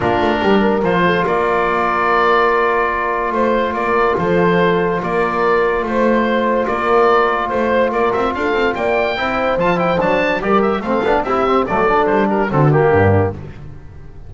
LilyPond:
<<
  \new Staff \with { instrumentName = "oboe" } { \time 4/4 \tempo 4 = 144 ais'2 c''4 d''4~ | d''1 | c''4 d''4 c''2 | d''2 c''2 |
d''2 c''4 d''8 e''8 | f''4 g''2 a''8 g''8 | a''4 d''8 e''8 f''4 e''4 | d''4 c''8 ais'8 a'8 g'4. | }
  \new Staff \with { instrumentName = "horn" } { \time 4/4 f'4 g'8 ais'4 a'8 ais'4~ | ais'1 | c''4 ais'4 a'2 | ais'2 c''2 |
ais'2 c''4 ais'4 | a'4 d''4 c''2~ | c''4 ais'4 a'4 g'4 | a'4. g'8 fis'4 d'4 | }
  \new Staff \with { instrumentName = "trombone" } { \time 4/4 d'2 f'2~ | f'1~ | f'1~ | f'1~ |
f'1~ | f'2 e'4 f'8 e'8 | d'4 g'4 c'8 d'8 e'8 c'8 | a8 d'4. c'8 ais4. | }
  \new Staff \with { instrumentName = "double bass" } { \time 4/4 ais8 a8 g4 f4 ais4~ | ais1 | a4 ais4 f2 | ais2 a2 |
ais2 a4 ais8 c'8 | d'8 c'8 ais4 c'4 f4 | fis4 g4 a8 b8 c'4 | fis4 g4 d4 g,4 | }
>>